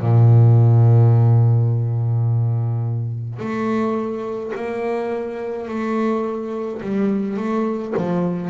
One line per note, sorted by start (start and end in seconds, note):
0.00 3.39 A#2
3.39 4.52 A3
4.55 5.68 A#3
5.68 6.81 A3
6.82 7.37 G3
7.37 7.93 A3
7.97 8.50 F3